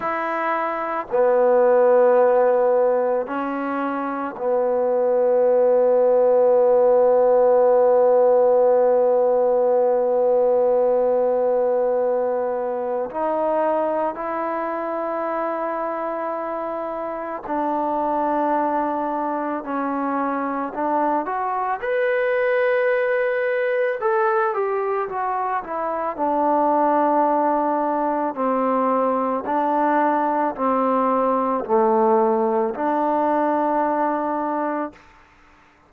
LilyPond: \new Staff \with { instrumentName = "trombone" } { \time 4/4 \tempo 4 = 55 e'4 b2 cis'4 | b1~ | b1 | dis'4 e'2. |
d'2 cis'4 d'8 fis'8 | b'2 a'8 g'8 fis'8 e'8 | d'2 c'4 d'4 | c'4 a4 d'2 | }